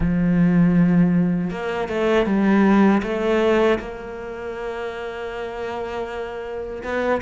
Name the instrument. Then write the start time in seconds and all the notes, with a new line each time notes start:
cello
0.00 F3
1.50 A#3
1.88 A3
2.26 G3
3.02 A3
3.79 A#3
6.83 B3